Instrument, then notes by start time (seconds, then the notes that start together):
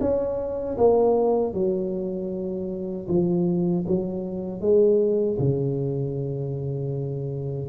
tuba
0.00 C#4
0.77 A#3
1.53 F#3
3.08 F3
3.87 F#3
4.60 G#3
5.38 C#3